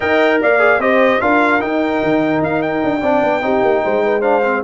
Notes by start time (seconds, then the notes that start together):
0.00 D#4 A#4 D#5 G5
0.41 A#3 D5 F5
0.58 G#4
0.78 C4 G4 C5 D#5
1.20 D4 F4 A#4 F5
1.60 D#4 G5
2.02 D#3
2.42 D#4 F5
2.62 G5
2.83 D4
2.99 C4 D4 D5
3.22 B3
3.41 C4 D#4 G4
3.62 A#3
3.83 G#3 C5
4.04 B4
4.20 D4 C5 F5
4.44 C4